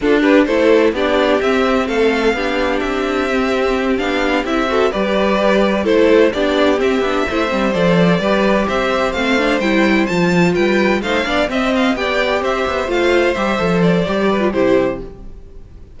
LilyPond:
<<
  \new Staff \with { instrumentName = "violin" } { \time 4/4 \tempo 4 = 128 a'8 b'8 c''4 d''4 e''4 | f''2 e''2~ | e''8 f''4 e''4 d''4.~ | d''8 c''4 d''4 e''4.~ |
e''8 d''2 e''4 f''8~ | f''8 g''4 a''4 g''4 f''8~ | f''8 e''8 f''8 g''4 e''4 f''8~ | f''8 e''4 d''4. c''4 | }
  \new Staff \with { instrumentName = "violin" } { \time 4/4 f'8 g'8 a'4 g'2 | a'4 g'2.~ | g'2 a'8 b'4.~ | b'8 a'4 g'2 c''8~ |
c''4. b'4 c''4.~ | c''2~ c''8 b'4 c''8 | d''8 dis''4 d''4 c''4.~ | c''2~ c''8 b'8 g'4 | }
  \new Staff \with { instrumentName = "viola" } { \time 4/4 d'4 e'4 d'4 c'4~ | c'4 d'2 c'4~ | c'8 d'4 e'8 fis'8 g'4.~ | g'8 e'4 d'4 c'8 d'8 e'8 |
c'8 a'4 g'2 c'8 | d'8 e'4 f'2 dis'8 | d'8 c'4 g'2 f'8~ | f'8 g'8 a'4 g'8. f'16 e'4 | }
  \new Staff \with { instrumentName = "cello" } { \time 4/4 d'4 a4 b4 c'4 | a4 b4 c'2~ | c'8 b4 c'4 g4.~ | g8 a4 b4 c'8 b8 a8 |
g8 f4 g4 c'4 a8~ | a8 g4 f4 g4 a8 | b8 c'4 b4 c'8 b8 a8~ | a8 g8 f4 g4 c4 | }
>>